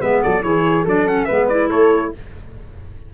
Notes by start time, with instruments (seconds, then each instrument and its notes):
0.00 tuba G#3, clarinet B3, flute B4, trumpet E5
0.22 tuba F#3, flute A4, trumpet D5
0.41 tuba E3, clarinet E4, flute G#4, trumpet C#5
0.85 tuba F#3, clarinet D4, flute A4, trumpet D5
1.07 clarinet C#4, trumpet F#5
1.25 tuba G#3, clarinet B3, flute B4, trumpet E5
1.49 clarinet E4, trumpet D5
1.69 tuba A3, flute A4, trumpet C#5